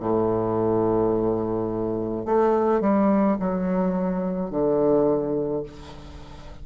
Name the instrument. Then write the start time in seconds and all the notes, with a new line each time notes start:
bassoon
0.00 A2
2.26 A3
2.81 G3
3.40 F#3
4.51 D3